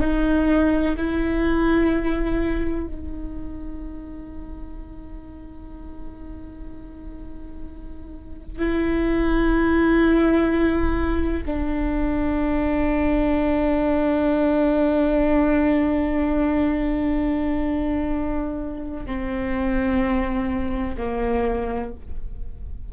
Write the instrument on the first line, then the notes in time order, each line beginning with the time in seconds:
viola
0.00 D#4
0.97 E4
2.87 D#4
8.58 E4
11.45 D4
19.06 C4
20.97 A#3